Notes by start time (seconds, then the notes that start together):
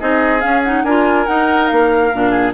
0.00 C4 D#4 G#4 D#5
0.41 C#4 F5
0.64 D#4 F#5
0.84 D4 F4 A#4 G#5
1.27 D#4 F#5
1.68 A#3 F5
2.13 A#2 D4
2.31 G#4